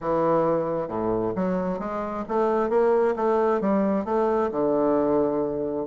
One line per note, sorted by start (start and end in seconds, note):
0.00 0.88 E3
0.88 1.33 A2
1.35 1.79 F#3
1.79 2.24 G#3
2.28 2.69 A3
2.69 3.15 A#3
3.15 3.60 A3
3.60 4.04 G3
4.04 4.49 A3
4.51 5.86 D3